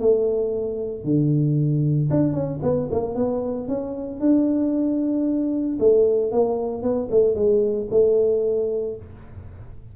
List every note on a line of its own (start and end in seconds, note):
0.00 1.04 A3
1.04 2.09 D3
2.11 2.33 D4
2.33 2.60 C#4
2.62 2.89 B3
2.91 3.15 A#3
3.15 3.68 B3
3.68 4.20 C#4
4.20 5.78 D4
5.80 6.32 A3
6.32 6.82 A#3
6.82 7.09 B3
7.11 7.35 A3
7.35 7.88 G#3
7.91 8.96 A3